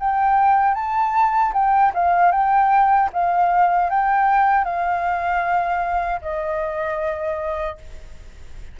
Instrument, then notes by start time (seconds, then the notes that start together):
flute
0.00 G5
0.75 A5
1.53 G5
1.94 F5
2.32 G5
3.13 F5
3.90 G5
4.65 F5
6.22 D#5